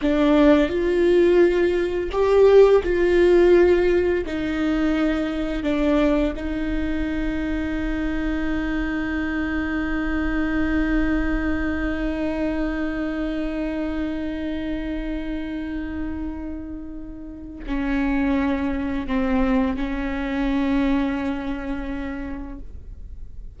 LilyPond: \new Staff \with { instrumentName = "viola" } { \time 4/4 \tempo 4 = 85 d'4 f'2 g'4 | f'2 dis'2 | d'4 dis'2.~ | dis'1~ |
dis'1~ | dis'1~ | dis'4 cis'2 c'4 | cis'1 | }